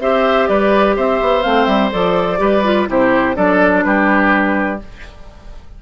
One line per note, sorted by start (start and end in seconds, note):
0.00 0.48 C4
0.00 1.44 G4
0.00 0.49 C5
0.00 0.48 E5
0.48 0.97 G3
0.48 0.96 B4
0.48 0.96 D5
0.96 1.21 C4
0.96 2.41 C5
0.96 1.43 E5
1.22 1.45 B3
1.43 1.67 A3
1.43 1.92 C4
1.43 1.66 F5
1.66 1.91 G3
1.66 1.90 E5
1.92 2.40 F3
1.92 2.38 A4
1.92 2.89 D5
2.38 2.88 G3
2.38 2.62 G4
2.38 2.89 B4
2.64 2.88 F4
2.88 3.37 C3
2.88 3.35 E4
2.88 3.37 G4
2.88 3.37 C5
3.35 3.85 F#3
3.35 4.79 D4
3.35 3.85 A4
3.35 3.84 D5
3.84 4.82 G3
3.84 4.83 G4
3.84 4.80 B4